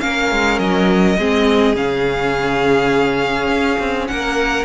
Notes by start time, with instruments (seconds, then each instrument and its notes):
0.00 cello A#3, viola C#4, violin A#4 F5
0.31 cello G#3
0.58 cello F#3, violin D#5
1.18 cello G#3, viola C4, violin G#4
1.75 cello C#3, viola C#4, violin F5
3.48 cello C#4
3.79 cello C4
4.07 cello A#3, violin A#4 F#5